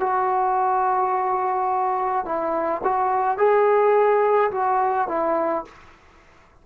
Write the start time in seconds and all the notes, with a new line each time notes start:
0.00 F#4
2.25 E4
2.84 F#4
3.38 G#4
4.51 F#4
5.08 E4